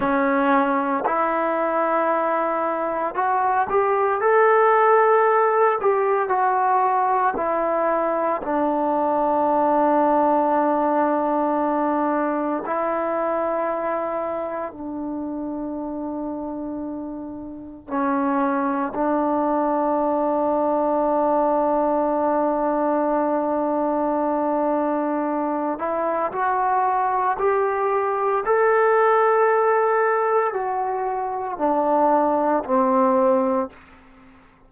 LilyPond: \new Staff \with { instrumentName = "trombone" } { \time 4/4 \tempo 4 = 57 cis'4 e'2 fis'8 g'8 | a'4. g'8 fis'4 e'4 | d'1 | e'2 d'2~ |
d'4 cis'4 d'2~ | d'1~ | d'8 e'8 fis'4 g'4 a'4~ | a'4 fis'4 d'4 c'4 | }